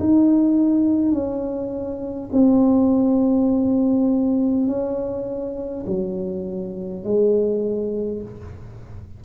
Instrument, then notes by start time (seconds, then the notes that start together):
tuba
0.00 D#4
1.12 C#4
2.33 C4
4.67 C#4
5.87 F#3
7.04 G#3